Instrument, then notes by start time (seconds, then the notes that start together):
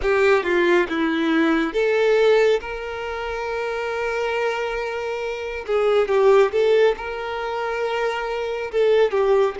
violin
0.02 G4
0.43 F4
0.88 E4
1.73 A4
2.60 A#4
5.66 G#4
6.08 G4
6.51 A4
6.97 A#4
8.71 A4
9.11 G4